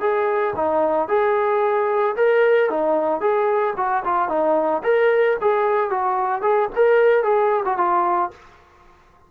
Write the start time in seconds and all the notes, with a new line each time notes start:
0.00 G#4
0.55 D#4
1.08 G#4
2.16 A#4
2.69 D#4
3.20 G#4
3.76 F#4
4.04 F4
4.28 D#4
4.83 A#4
5.41 G#4
5.90 F#4
6.42 G#4
6.75 A#4
7.23 G#4
7.65 F#4
7.77 F4